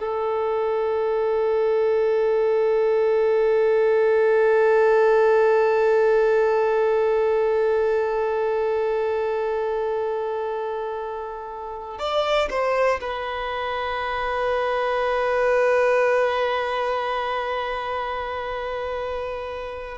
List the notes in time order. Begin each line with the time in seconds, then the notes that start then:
0.00 A4
12.00 D5
12.51 C5
13.01 B4